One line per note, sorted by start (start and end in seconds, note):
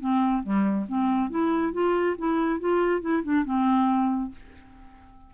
0.00 0.43 C4
0.43 0.86 G3
0.88 1.30 C4
1.30 1.73 E4
1.73 2.16 F4
2.18 2.60 E4
2.60 3.01 F4
3.01 3.23 E4
3.23 3.45 D4
3.45 4.31 C4